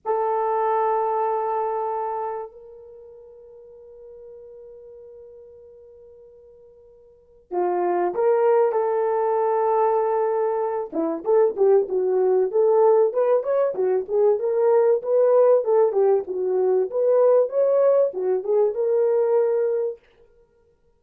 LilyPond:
\new Staff \with { instrumentName = "horn" } { \time 4/4 \tempo 4 = 96 a'1 | ais'1~ | ais'1 | f'4 ais'4 a'2~ |
a'4. e'8 a'8 g'8 fis'4 | a'4 b'8 cis''8 fis'8 gis'8 ais'4 | b'4 a'8 g'8 fis'4 b'4 | cis''4 fis'8 gis'8 ais'2 | }